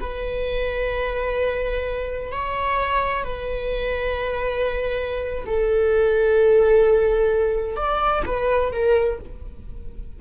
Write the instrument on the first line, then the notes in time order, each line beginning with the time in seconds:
viola
0.00 B4
2.32 C#5
3.23 B4
5.46 A4
7.76 D5
8.25 B4
8.72 A#4